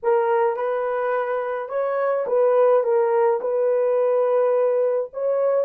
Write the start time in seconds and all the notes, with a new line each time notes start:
0.02 A#4
0.56 B4
1.68 C#5
2.26 B4
2.83 A#4
3.40 B4
5.13 C#5